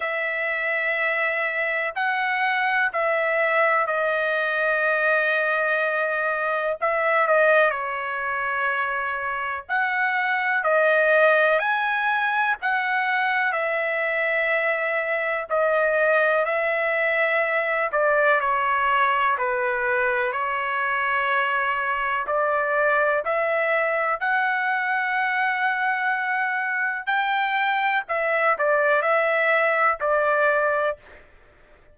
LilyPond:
\new Staff \with { instrumentName = "trumpet" } { \time 4/4 \tempo 4 = 62 e''2 fis''4 e''4 | dis''2. e''8 dis''8 | cis''2 fis''4 dis''4 | gis''4 fis''4 e''2 |
dis''4 e''4. d''8 cis''4 | b'4 cis''2 d''4 | e''4 fis''2. | g''4 e''8 d''8 e''4 d''4 | }